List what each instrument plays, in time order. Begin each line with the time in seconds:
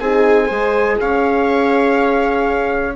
0.00 bassoon C4, horn D#4, viola G#4, trumpet G#5
0.47 bassoon G#3, horn G#4, viola C5
1.00 bassoon C#4, viola C#5, trumpet F5